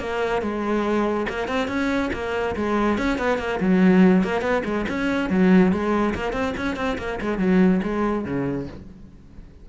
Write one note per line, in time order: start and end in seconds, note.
0.00 0.42 A#3
0.42 1.27 G#3
1.29 1.48 A#3
1.48 1.68 C4
1.68 2.10 C#4
2.14 2.56 A#3
2.56 2.98 G#3
2.98 3.19 C#4
3.19 3.39 B3
3.39 3.60 A#3
3.61 4.24 F#3
4.24 4.42 A#3
4.42 4.63 B3
4.65 4.86 G#3
4.89 5.30 C#4
5.30 5.72 F#3
5.73 6.15 G#3
6.15 6.33 A#3
6.33 6.54 C4
6.57 6.77 C#4
6.77 6.98 C4
6.99 7.20 A#3
7.22 7.39 G#3
7.39 7.81 F#3
7.83 8.25 G#3
8.25 8.68 C#3